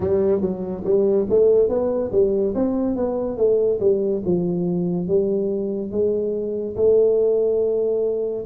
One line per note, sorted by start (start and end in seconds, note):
0.00 0.41 G3
0.41 0.83 F#3
0.84 1.26 G3
1.29 1.69 A3
1.69 2.11 B3
2.11 2.54 G3
2.55 2.95 C4
2.95 3.37 B3
3.37 3.79 A3
3.80 4.22 G3
4.25 5.07 F3
5.07 5.91 G3
5.91 6.75 G#3
6.76 8.45 A3